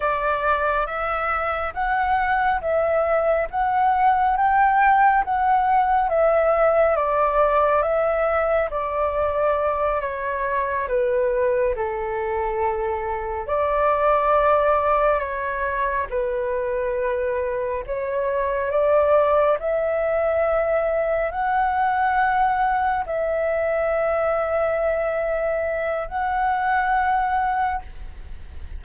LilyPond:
\new Staff \with { instrumentName = "flute" } { \time 4/4 \tempo 4 = 69 d''4 e''4 fis''4 e''4 | fis''4 g''4 fis''4 e''4 | d''4 e''4 d''4. cis''8~ | cis''8 b'4 a'2 d''8~ |
d''4. cis''4 b'4.~ | b'8 cis''4 d''4 e''4.~ | e''8 fis''2 e''4.~ | e''2 fis''2 | }